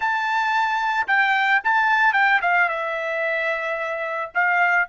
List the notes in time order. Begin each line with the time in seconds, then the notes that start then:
0.00 A5
1.07 G5
1.64 A5
2.13 G5
2.41 F5
2.69 E5
4.34 F5